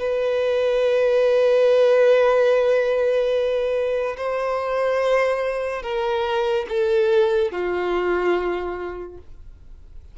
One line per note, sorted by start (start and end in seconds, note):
0.00 4.17 B4
4.17 5.83 C5
5.83 6.66 A#4
6.69 7.52 A4
7.52 9.19 F4